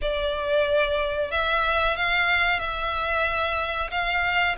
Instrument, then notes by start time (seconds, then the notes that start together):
violin
0.01 D5
1.31 E5
1.96 F5
2.59 E5
3.90 F5